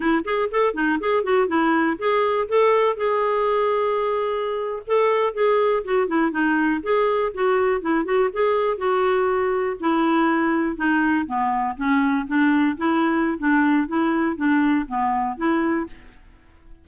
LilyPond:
\new Staff \with { instrumentName = "clarinet" } { \time 4/4 \tempo 4 = 121 e'8 gis'8 a'8 dis'8 gis'8 fis'8 e'4 | gis'4 a'4 gis'2~ | gis'4.~ gis'16 a'4 gis'4 fis'16~ | fis'16 e'8 dis'4 gis'4 fis'4 e'16~ |
e'16 fis'8 gis'4 fis'2 e'16~ | e'4.~ e'16 dis'4 b4 cis'16~ | cis'8. d'4 e'4~ e'16 d'4 | e'4 d'4 b4 e'4 | }